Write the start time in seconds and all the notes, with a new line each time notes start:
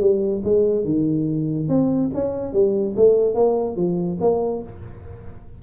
0.00 G3
0.44 G#3
0.84 D#3
1.68 C4
2.14 C#4
2.53 G3
2.96 A3
3.34 A#3
3.76 F3
4.20 A#3